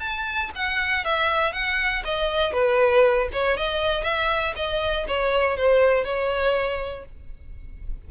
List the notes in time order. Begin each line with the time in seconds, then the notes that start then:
0.00 A5
0.56 F#5
1.05 E5
1.53 F#5
2.05 D#5
2.53 B4
3.33 C#5
3.58 D#5
4.04 E5
4.56 D#5
5.08 C#5
5.57 C5
6.05 C#5